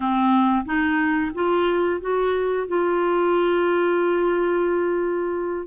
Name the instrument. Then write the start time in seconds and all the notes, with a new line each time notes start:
clarinet
0.00 C4
0.65 D#4
1.34 F4
2.00 F#4
2.67 F4